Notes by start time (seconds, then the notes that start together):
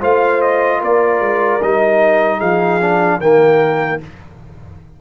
0.00 A3 F4 C5 F5
0.41 D#5
0.80 A#3 A#4 D5
1.20 G#3
1.62 G3 D#4 D#5
2.38 F3 G#4 F5
2.81 D4
3.18 D#3 A#3 A#4 G5